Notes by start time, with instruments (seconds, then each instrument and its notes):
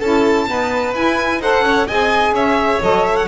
0.00 double bass C#4, saxophone E4, violin A4 A5
0.47 saxophone B3, double bass D#4, violin B4
0.94 double bass E4, saxophone E4, violin G#5
1.39 double bass D#4, saxophone A4, violin C5 F#5
1.61 double bass C#4, violin C#5
1.87 double bass C4, saxophone G#4, violin D#5 G#5
2.32 double bass C#4, violin C#5 E5
2.81 double bass F#3, saxophone A4, violin D#5
3.06 violin E5
3.16 violin F#5